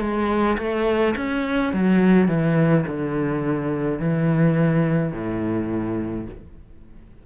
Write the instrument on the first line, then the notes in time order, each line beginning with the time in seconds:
cello
0.00 G#3
0.58 A3
1.16 C#4
1.73 F#3
2.28 E3
2.87 D3
3.99 E3
5.12 A2